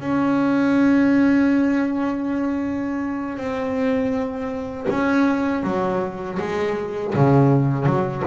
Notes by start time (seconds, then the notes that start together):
0.00 C#4
3.37 C4
4.90 C#4
5.63 F#3
6.39 G#3
7.14 C#3
7.85 F#3